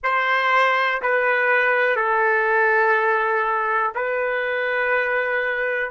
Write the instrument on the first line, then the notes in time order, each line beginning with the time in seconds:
trumpet
0.03 C5
1.01 B4
1.95 A4
3.94 B4